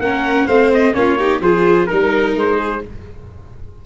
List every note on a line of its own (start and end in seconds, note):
0.00 0.47 A#3
0.00 0.49 C#4
0.00 0.47 A#4
0.00 0.48 F#5
0.47 0.95 A3
0.47 0.94 C4
0.47 0.94 C5
0.47 0.71 F5
0.74 0.95 D#5
0.94 1.41 A#3
0.94 1.17 C#4
0.94 1.19 F4
0.94 1.41 C#5
1.19 1.43 D#4
1.19 1.42 G4
1.41 1.88 F3
1.41 1.89 F4
1.41 1.89 G#4
1.41 1.87 C5
1.87 2.36 G3
1.87 2.83 D#4
1.87 2.34 A#4
1.87 2.57 A#4
2.36 2.83 G#3
2.36 2.86 C5
2.57 2.80 G#4